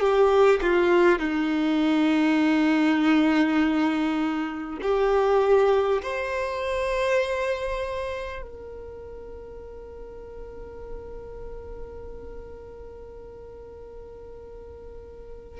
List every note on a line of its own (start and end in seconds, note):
0.00 0.60 G4
0.62 1.19 F4
1.19 4.79 D#4
4.82 6.02 G4
6.02 8.42 C5
8.43 15.60 A#4